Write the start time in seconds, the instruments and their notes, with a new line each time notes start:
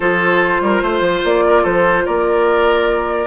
0.00 bassoon F3, clarinet F4, oboe A4, flute C5
0.61 bassoon G3, oboe A#4
0.82 bassoon A3, oboe C5
1.00 bassoon F3
1.24 bassoon A#3, flute D5
1.46 oboe A#4
1.62 bassoon F3, oboe A4, flute C5
2.05 bassoon A#3, oboe A#4, flute D5